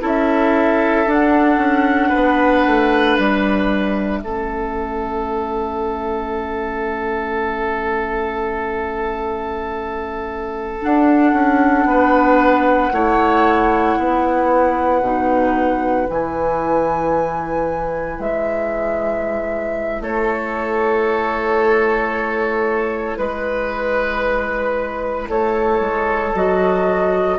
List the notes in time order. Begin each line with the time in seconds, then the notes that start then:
0.00 C#4 E4 A4
0.06 E5
1.06 D4 F#5
1.57 C#4
2.09 B3 B4
2.66 A3
3.17 G3 E5
4.22 A3 C#4 A4
10.81 D4 F#5
11.33 C#4
11.85 B3 B4
12.92 A3 E4 C#5
13.97 B3 B4
15.01 B2 D#4
16.07 E3 E4 G#5
18.18 G#3 E5
20.00 A3 A4 C#5
23.17 G#3 B4
25.29 A3 A4 C#5
25.80 G#3
26.35 F#3 F#4 D#5